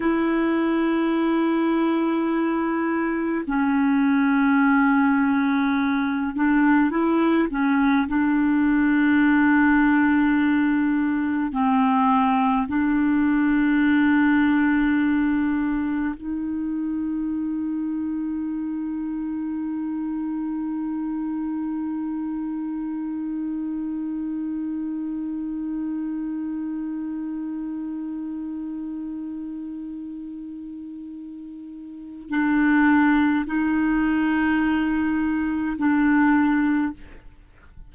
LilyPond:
\new Staff \with { instrumentName = "clarinet" } { \time 4/4 \tempo 4 = 52 e'2. cis'4~ | cis'4. d'8 e'8 cis'8 d'4~ | d'2 c'4 d'4~ | d'2 dis'2~ |
dis'1~ | dis'1~ | dis'1 | d'4 dis'2 d'4 | }